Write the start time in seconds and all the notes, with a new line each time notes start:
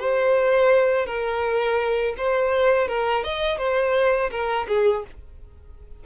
0.00 C5
1.06 A#4
2.18 C5
2.88 A#4
3.24 D#5
3.58 C5
4.31 A#4
4.68 G#4